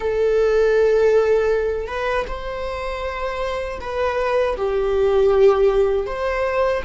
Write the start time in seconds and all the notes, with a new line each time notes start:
0.00 A4
1.87 B4
2.27 C5
3.80 B4
4.56 G4
6.06 C5